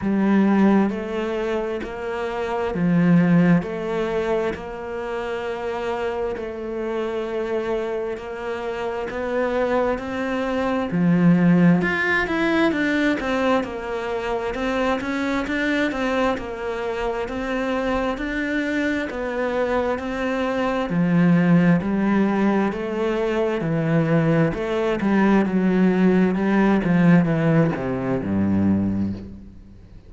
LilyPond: \new Staff \with { instrumentName = "cello" } { \time 4/4 \tempo 4 = 66 g4 a4 ais4 f4 | a4 ais2 a4~ | a4 ais4 b4 c'4 | f4 f'8 e'8 d'8 c'8 ais4 |
c'8 cis'8 d'8 c'8 ais4 c'4 | d'4 b4 c'4 f4 | g4 a4 e4 a8 g8 | fis4 g8 f8 e8 c8 g,4 | }